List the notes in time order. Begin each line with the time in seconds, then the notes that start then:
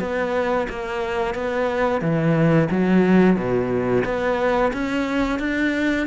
0.00 B3
0.69 A#3
1.35 B3
2.01 E3
2.71 F#3
3.36 B2
4.05 B3
4.73 C#4
5.39 D4